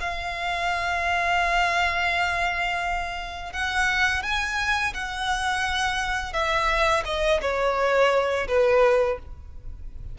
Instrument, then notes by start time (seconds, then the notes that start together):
violin
0.00 F5
3.53 F#5
4.23 G#5
4.93 F#5
6.33 E5
7.05 D#5
7.41 C#5
8.48 B4